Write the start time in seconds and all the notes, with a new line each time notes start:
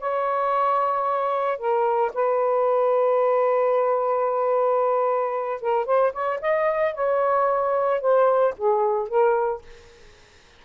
0.00 C#5
1.58 A#4
2.14 B4
5.62 A#4
5.86 C5
6.13 C#5
6.42 D#5
6.95 C#5
8.01 C5
8.58 G#4
9.09 A#4